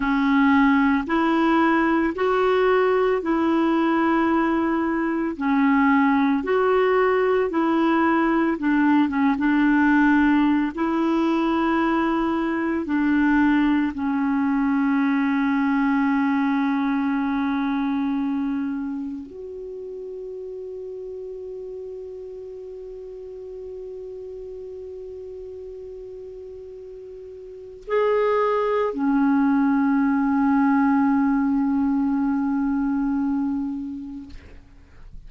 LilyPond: \new Staff \with { instrumentName = "clarinet" } { \time 4/4 \tempo 4 = 56 cis'4 e'4 fis'4 e'4~ | e'4 cis'4 fis'4 e'4 | d'8 cis'16 d'4~ d'16 e'2 | d'4 cis'2.~ |
cis'2 fis'2~ | fis'1~ | fis'2 gis'4 cis'4~ | cis'1 | }